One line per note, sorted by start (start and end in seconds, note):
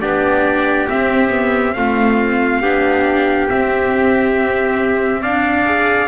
0.00 0.87 B3
0.00 0.88 D4
0.00 1.75 G4
0.00 0.87 D5
0.89 1.29 C4
0.89 1.76 C4
0.89 1.74 E5
1.29 1.72 B3
1.74 2.61 A3
1.74 2.62 C4
1.74 2.61 F4
1.74 3.47 F5
2.61 3.48 B3
2.61 3.48 D4
2.61 5.21 G4
3.48 5.65 C4
3.48 5.23 C4
3.48 5.23 E5
5.21 6.07 D4
5.21 6.07 D5
5.21 6.07 F5
5.65 6.07 G#4